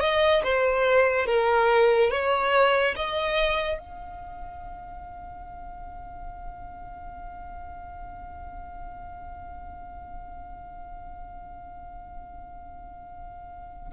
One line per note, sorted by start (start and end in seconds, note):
0.00 0.42 D#5
0.43 1.26 C5
1.26 2.10 A#4
2.10 2.95 C#5
2.96 3.78 D#5
3.78 13.92 F5